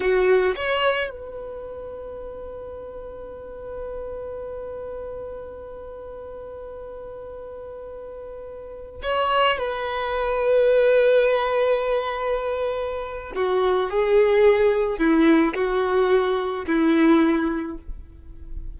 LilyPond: \new Staff \with { instrumentName = "violin" } { \time 4/4 \tempo 4 = 108 fis'4 cis''4 b'2~ | b'1~ | b'1~ | b'1~ |
b'16 cis''4 b'2~ b'8.~ | b'1 | fis'4 gis'2 e'4 | fis'2 e'2 | }